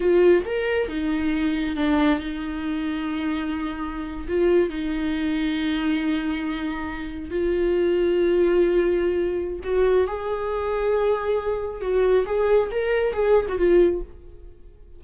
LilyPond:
\new Staff \with { instrumentName = "viola" } { \time 4/4 \tempo 4 = 137 f'4 ais'4 dis'2 | d'4 dis'2.~ | dis'4.~ dis'16 f'4 dis'4~ dis'16~ | dis'1~ |
dis'8. f'2.~ f'16~ | f'2 fis'4 gis'4~ | gis'2. fis'4 | gis'4 ais'4 gis'8. fis'16 f'4 | }